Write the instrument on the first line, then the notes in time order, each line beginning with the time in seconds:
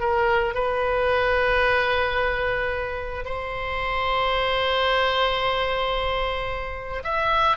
oboe
0.00 A#4
0.55 B4
3.25 C5
7.03 E5